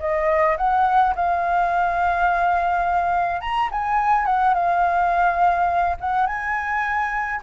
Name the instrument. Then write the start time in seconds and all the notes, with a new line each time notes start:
flute
0.00 D#5
0.58 F#5
1.16 F5
3.41 A#5
3.71 G#5
4.26 F#5
4.54 F5
6.01 F#5
6.27 G#5